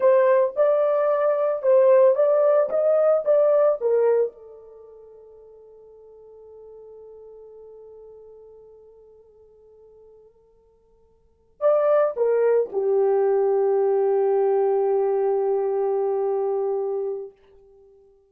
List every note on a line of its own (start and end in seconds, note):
0.00 0.54 C5
0.56 1.62 D5
1.62 2.15 C5
2.15 2.69 D5
2.69 3.23 D#5
3.24 3.78 D5
3.81 4.32 A#4
4.32 11.60 A4
11.60 12.14 D5
12.16 12.70 A#4
12.72 17.31 G4